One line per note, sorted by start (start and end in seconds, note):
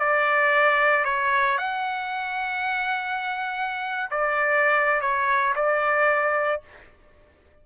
0.00 1.05 D5
1.05 1.58 C#5
1.58 4.11 F#5
4.11 5.02 D5
5.02 5.55 C#5
5.56 6.62 D5